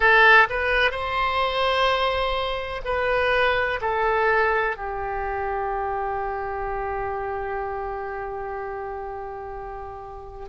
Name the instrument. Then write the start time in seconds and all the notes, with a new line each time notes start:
oboe
0.00 A4
0.49 B4
0.91 C5
2.84 B4
3.81 A4
4.76 G4